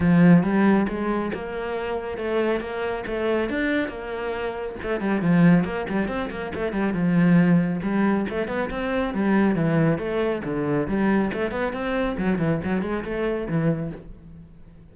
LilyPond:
\new Staff \with { instrumentName = "cello" } { \time 4/4 \tempo 4 = 138 f4 g4 gis4 ais4~ | ais4 a4 ais4 a4 | d'4 ais2 a8 g8 | f4 ais8 g8 c'8 ais8 a8 g8 |
f2 g4 a8 b8 | c'4 g4 e4 a4 | d4 g4 a8 b8 c'4 | fis8 e8 fis8 gis8 a4 e4 | }